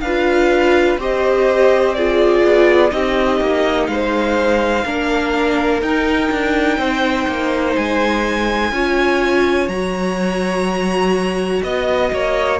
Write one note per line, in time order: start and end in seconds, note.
0.00 0.97 D4
0.00 1.00 B4
0.00 0.97 F5
0.06 0.99 F4
0.97 2.42 C4
0.97 1.96 G4
0.97 1.96 C5
0.97 1.94 D#5
1.94 2.91 F4
1.94 2.93 G#4
1.94 2.91 D5
2.43 2.92 B3
2.91 3.41 C4
2.91 4.84 D#4
2.91 3.90 G4
2.91 3.87 D#5
3.41 3.88 A#3
3.87 4.84 G#3
3.87 4.85 C5
3.87 5.80 F5
4.85 5.82 A#3
4.85 5.82 D4
4.85 6.78 A#4
5.82 8.72 D#4
5.82 6.30 D#4
5.82 7.76 G5
6.31 6.78 D4
6.78 7.26 C4
6.78 8.72 C5
7.27 7.76 A#3
7.76 8.71 G#3
7.76 9.69 G#5
8.71 9.68 C#4
8.71 9.69 F4
8.71 11.64 C#5
9.68 11.62 F#3
9.68 12.60 F#4
9.68 11.62 A#5
11.62 12.12 B3
11.62 12.59 D#5
11.62 12.12 D#5
12.12 12.60 A#3
12.12 12.60 C#5